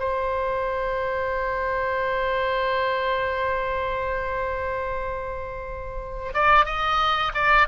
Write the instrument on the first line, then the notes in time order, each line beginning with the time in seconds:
oboe
0.00 C5
6.34 D5
6.66 D#5
7.35 D5